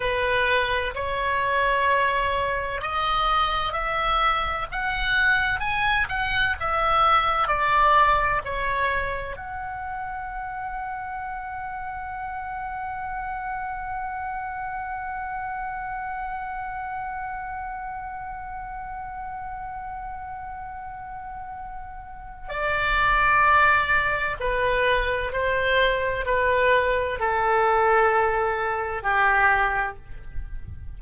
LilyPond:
\new Staff \with { instrumentName = "oboe" } { \time 4/4 \tempo 4 = 64 b'4 cis''2 dis''4 | e''4 fis''4 gis''8 fis''8 e''4 | d''4 cis''4 fis''2~ | fis''1~ |
fis''1~ | fis''1 | d''2 b'4 c''4 | b'4 a'2 g'4 | }